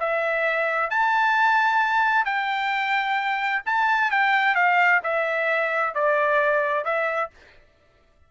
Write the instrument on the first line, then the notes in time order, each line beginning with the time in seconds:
trumpet
0.00 E5
0.90 A5
2.25 G5
3.66 A5
4.11 G5
4.55 F5
5.04 E5
5.95 D5
6.85 E5